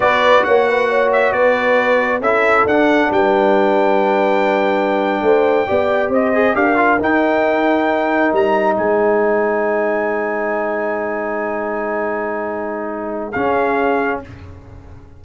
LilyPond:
<<
  \new Staff \with { instrumentName = "trumpet" } { \time 4/4 \tempo 4 = 135 d''4 fis''4. e''8 d''4~ | d''4 e''4 fis''4 g''4~ | g''1~ | g''4.~ g''16 dis''4 f''4 g''16~ |
g''2~ g''8. ais''4 gis''16~ | gis''1~ | gis''1~ | gis''2 f''2 | }
  \new Staff \with { instrumentName = "horn" } { \time 4/4 b'4 cis''8 b'8 cis''4 b'4~ | b'4 a'2 b'4~ | b'2.~ b'8. c''16~ | c''8. d''4 c''4 ais'4~ ais'16~ |
ais'2.~ ais'8. c''16~ | c''1~ | c''1~ | c''2 gis'2 | }
  \new Staff \with { instrumentName = "trombone" } { \time 4/4 fis'1~ | fis'4 e'4 d'2~ | d'1~ | d'8. g'4. gis'8 g'8 f'8 dis'16~ |
dis'1~ | dis'1~ | dis'1~ | dis'2 cis'2 | }
  \new Staff \with { instrumentName = "tuba" } { \time 4/4 b4 ais2 b4~ | b4 cis'4 d'4 g4~ | g2.~ g8. a16~ | a8. b4 c'4 d'4 dis'16~ |
dis'2~ dis'8. g4 gis16~ | gis1~ | gis1~ | gis2 cis'2 | }
>>